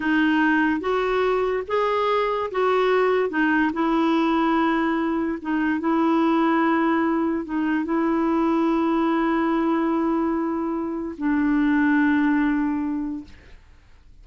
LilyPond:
\new Staff \with { instrumentName = "clarinet" } { \time 4/4 \tempo 4 = 145 dis'2 fis'2 | gis'2 fis'2 | dis'4 e'2.~ | e'4 dis'4 e'2~ |
e'2 dis'4 e'4~ | e'1~ | e'2. d'4~ | d'1 | }